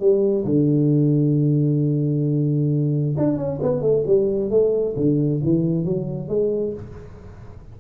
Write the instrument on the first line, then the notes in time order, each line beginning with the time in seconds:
tuba
0.00 G3
0.46 D3
3.18 D4
3.37 C#4
3.63 B3
3.82 A3
4.07 G3
4.50 A3
4.96 D3
5.44 E3
5.85 F#3
6.28 G#3